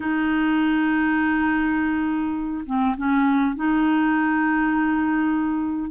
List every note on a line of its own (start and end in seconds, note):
0.00 2.65 D#4
2.66 2.95 C4
2.97 3.55 C#4
3.55 5.90 D#4